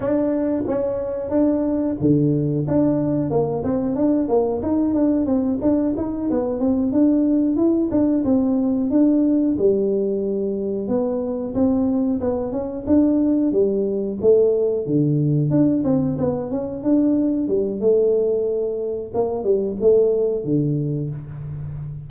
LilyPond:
\new Staff \with { instrumentName = "tuba" } { \time 4/4 \tempo 4 = 91 d'4 cis'4 d'4 d4 | d'4 ais8 c'8 d'8 ais8 dis'8 d'8 | c'8 d'8 dis'8 b8 c'8 d'4 e'8 | d'8 c'4 d'4 g4.~ |
g8 b4 c'4 b8 cis'8 d'8~ | d'8 g4 a4 d4 d'8 | c'8 b8 cis'8 d'4 g8 a4~ | a4 ais8 g8 a4 d4 | }